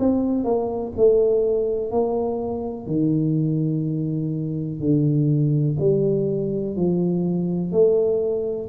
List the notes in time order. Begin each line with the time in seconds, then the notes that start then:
0.00 C4
0.44 A#3
0.97 A3
1.91 A#3
2.87 D#3
4.81 D3
5.80 G3
6.77 F3
7.72 A3